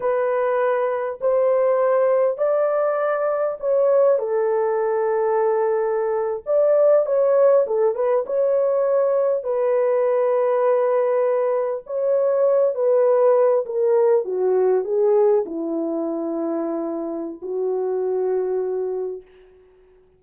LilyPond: \new Staff \with { instrumentName = "horn" } { \time 4/4 \tempo 4 = 100 b'2 c''2 | d''2 cis''4 a'4~ | a'2~ a'8. d''4 cis''16~ | cis''8. a'8 b'8 cis''2 b'16~ |
b'2.~ b'8. cis''16~ | cis''4~ cis''16 b'4. ais'4 fis'16~ | fis'8. gis'4 e'2~ e'16~ | e'4 fis'2. | }